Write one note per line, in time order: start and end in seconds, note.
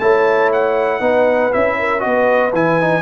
0.00 1.01 A3
0.00 1.00 E4
0.00 1.01 C#5
0.00 0.51 A5
0.53 1.53 F#5
1.00 1.51 B3
1.00 1.51 D#4
1.00 1.77 B4
1.52 2.06 C#4
1.52 2.00 E4
1.52 2.01 E5
1.79 2.05 A#4
2.00 2.53 B3
2.00 2.51 F#4
2.00 3.03 B4
2.00 2.51 D#5
2.53 3.03 E3
2.53 2.81 E4
2.53 3.03 G#5
2.81 3.03 D#4